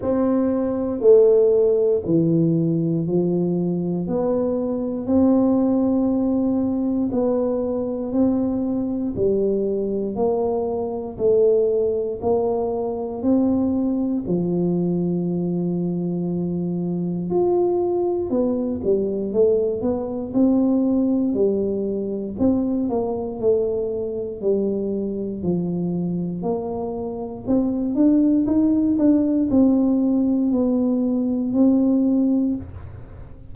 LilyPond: \new Staff \with { instrumentName = "tuba" } { \time 4/4 \tempo 4 = 59 c'4 a4 e4 f4 | b4 c'2 b4 | c'4 g4 ais4 a4 | ais4 c'4 f2~ |
f4 f'4 b8 g8 a8 b8 | c'4 g4 c'8 ais8 a4 | g4 f4 ais4 c'8 d'8 | dis'8 d'8 c'4 b4 c'4 | }